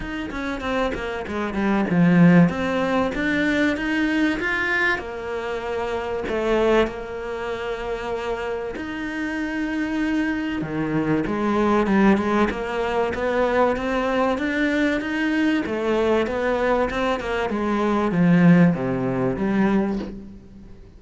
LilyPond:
\new Staff \with { instrumentName = "cello" } { \time 4/4 \tempo 4 = 96 dis'8 cis'8 c'8 ais8 gis8 g8 f4 | c'4 d'4 dis'4 f'4 | ais2 a4 ais4~ | ais2 dis'2~ |
dis'4 dis4 gis4 g8 gis8 | ais4 b4 c'4 d'4 | dis'4 a4 b4 c'8 ais8 | gis4 f4 c4 g4 | }